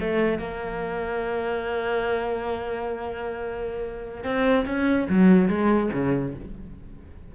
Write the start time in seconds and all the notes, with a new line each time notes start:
0.00 A3
0.39 A#3
4.24 C4
4.66 C#4
5.09 F#3
5.48 G#3
5.93 C#3